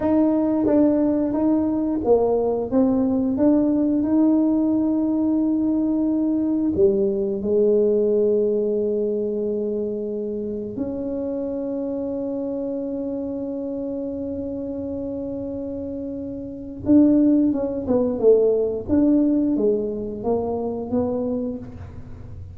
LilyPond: \new Staff \with { instrumentName = "tuba" } { \time 4/4 \tempo 4 = 89 dis'4 d'4 dis'4 ais4 | c'4 d'4 dis'2~ | dis'2 g4 gis4~ | gis1 |
cis'1~ | cis'1~ | cis'4 d'4 cis'8 b8 a4 | d'4 gis4 ais4 b4 | }